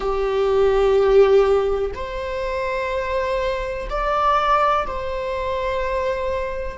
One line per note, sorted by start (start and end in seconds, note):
0.00 1.91 G4
1.94 3.88 C5
3.89 4.86 D5
4.86 6.78 C5